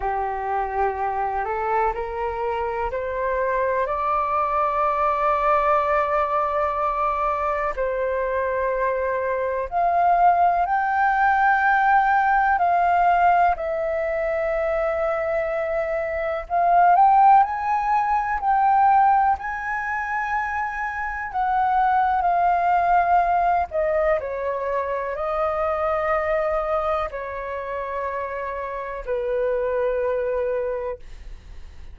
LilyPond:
\new Staff \with { instrumentName = "flute" } { \time 4/4 \tempo 4 = 62 g'4. a'8 ais'4 c''4 | d''1 | c''2 f''4 g''4~ | g''4 f''4 e''2~ |
e''4 f''8 g''8 gis''4 g''4 | gis''2 fis''4 f''4~ | f''8 dis''8 cis''4 dis''2 | cis''2 b'2 | }